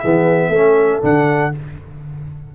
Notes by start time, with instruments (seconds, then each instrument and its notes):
0.00 tuba E3, trombone B3, horn G#4, trumpet E5
0.49 tuba A3, trombone C#4, horn A4
1.02 tuba D3, trombone D4, trumpet F#5